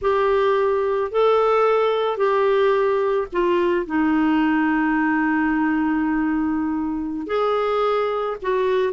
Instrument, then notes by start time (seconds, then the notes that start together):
clarinet
0.02 G4
1.11 A4
2.17 G4
3.32 F4
3.86 D#4
7.26 G#4
8.42 F#4